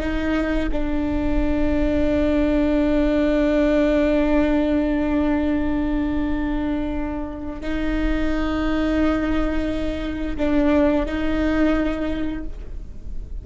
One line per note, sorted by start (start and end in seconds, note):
0.00 0.69 D#4
0.72 7.61 D4
7.61 10.37 D#4
10.37 11.06 D4
11.06 12.44 D#4